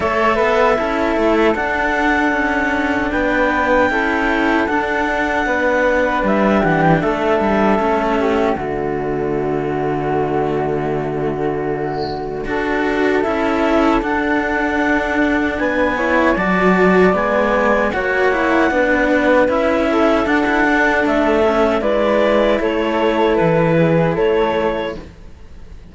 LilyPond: <<
  \new Staff \with { instrumentName = "clarinet" } { \time 4/4 \tempo 4 = 77 e''2 fis''2 | g''2 fis''2 | e''8 fis''16 g''16 e''2 d''4~ | d''1~ |
d''4 e''4 fis''2 | gis''4 a''4 gis''4 fis''4~ | fis''4 e''4 fis''4 e''4 | d''4 cis''4 b'4 cis''4 | }
  \new Staff \with { instrumentName = "flute" } { \time 4/4 cis''8 b'8 a'2. | b'4 a'2 b'4~ | b'8 g'8 a'4. g'8 fis'4~ | fis'1 |
a'1 | b'8 cis''8 d''2 cis''4 | b'4. a'2~ a'8 | b'4 a'4. gis'8 a'4 | }
  \new Staff \with { instrumentName = "cello" } { \time 4/4 a'4 e'4 d'2~ | d'4 e'4 d'2~ | d'2 cis'4 a4~ | a1 |
fis'4 e'4 d'2~ | d'8 e'8 fis'4 b4 fis'8 e'8 | d'4 e'4 d'16 e'16 d'4 cis'8 | e'1 | }
  \new Staff \with { instrumentName = "cello" } { \time 4/4 a8 b8 cis'8 a8 d'4 cis'4 | b4 cis'4 d'4 b4 | g8 e8 a8 g8 a4 d4~ | d1 |
d'4 cis'4 d'2 | b4 fis4 gis4 ais4 | b4 cis'4 d'4 a4 | gis4 a4 e4 a4 | }
>>